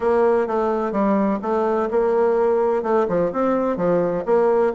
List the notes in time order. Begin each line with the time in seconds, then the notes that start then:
0.00 A#3
0.47 A3
0.92 G3
1.42 A3
1.90 A#3
2.82 A3
3.08 F3
3.32 C4
3.76 F3
4.25 A#3